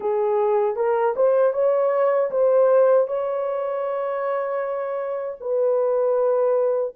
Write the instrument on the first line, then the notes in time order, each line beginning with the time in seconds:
horn
0.00 G#4
0.76 A#4
1.15 C5
1.53 C#5
2.30 C5
3.07 C#5
5.40 B4